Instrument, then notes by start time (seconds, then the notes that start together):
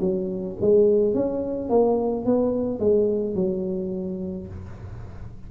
tuba
0.00 F#3
0.61 G#3
1.14 C#4
1.69 A#3
2.26 B3
2.79 G#3
3.35 F#3